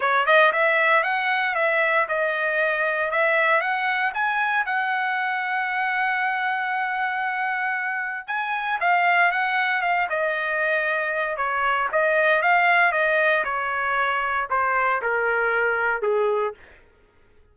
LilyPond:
\new Staff \with { instrumentName = "trumpet" } { \time 4/4 \tempo 4 = 116 cis''8 dis''8 e''4 fis''4 e''4 | dis''2 e''4 fis''4 | gis''4 fis''2.~ | fis''1 |
gis''4 f''4 fis''4 f''8 dis''8~ | dis''2 cis''4 dis''4 | f''4 dis''4 cis''2 | c''4 ais'2 gis'4 | }